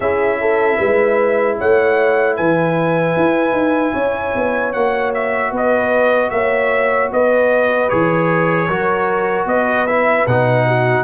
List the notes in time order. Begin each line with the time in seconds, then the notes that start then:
0.00 C#4 E4 G#4 E5
0.40 A4
0.77 G#3 B4
1.58 A3 C#5 F#5
2.36 E3 B4 G#5
3.16 E4
3.52 D#4
3.93 C#4 C#5
4.35 B3
4.73 A#3 F#4 F#5
5.13 E5
5.51 B3 B4 D#5
6.30 A#3 C#5 E5
7.11 B3 B4 D#5
7.89 E3 G#4 C#5
8.67 F#3 F#4 A#4
9.45 B3 B4 D#5
9.86 E4 E5
10.26 B2 D#4 F#5
10.66 F#4